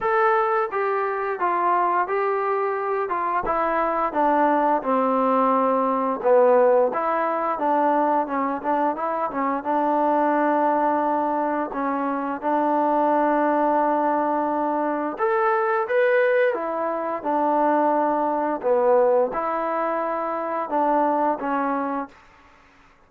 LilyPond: \new Staff \with { instrumentName = "trombone" } { \time 4/4 \tempo 4 = 87 a'4 g'4 f'4 g'4~ | g'8 f'8 e'4 d'4 c'4~ | c'4 b4 e'4 d'4 | cis'8 d'8 e'8 cis'8 d'2~ |
d'4 cis'4 d'2~ | d'2 a'4 b'4 | e'4 d'2 b4 | e'2 d'4 cis'4 | }